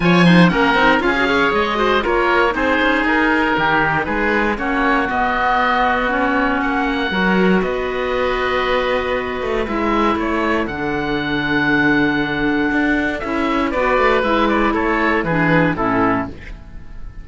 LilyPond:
<<
  \new Staff \with { instrumentName = "oboe" } { \time 4/4 \tempo 4 = 118 gis''4 fis''4 f''4 dis''4 | cis''4 c''4 ais'2 | b'4 cis''4 dis''2 | cis''4 fis''2 dis''4~ |
dis''2. e''4 | cis''4 fis''2.~ | fis''2 e''4 d''4 | e''8 d''8 cis''4 b'4 a'4 | }
  \new Staff \with { instrumentName = "oboe" } { \time 4/4 cis''8 c''8 ais'4 gis'8 cis''4 c''8 | ais'4 gis'2 g'4 | gis'4 fis'2.~ | fis'2 ais'4 b'4~ |
b'1 | a'1~ | a'2. b'4~ | b'4 a'4 gis'4 e'4 | }
  \new Staff \with { instrumentName = "clarinet" } { \time 4/4 f'8 dis'8 cis'8 dis'8 f'16 fis'16 gis'4 fis'8 | f'4 dis'2.~ | dis'4 cis'4 b2 | cis'2 fis'2~ |
fis'2. e'4~ | e'4 d'2.~ | d'2 e'4 fis'4 | e'2 d'4 cis'4 | }
  \new Staff \with { instrumentName = "cello" } { \time 4/4 f4 ais8 c'8 cis'4 gis4 | ais4 c'8 cis'8 dis'4 dis4 | gis4 ais4 b2~ | b4 ais4 fis4 b4~ |
b2~ b8 a8 gis4 | a4 d2.~ | d4 d'4 cis'4 b8 a8 | gis4 a4 e4 a,4 | }
>>